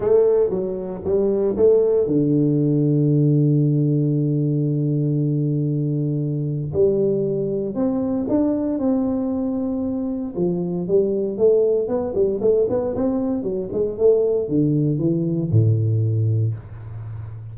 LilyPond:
\new Staff \with { instrumentName = "tuba" } { \time 4/4 \tempo 4 = 116 a4 fis4 g4 a4 | d1~ | d1~ | d4 g2 c'4 |
d'4 c'2. | f4 g4 a4 b8 g8 | a8 b8 c'4 fis8 gis8 a4 | d4 e4 a,2 | }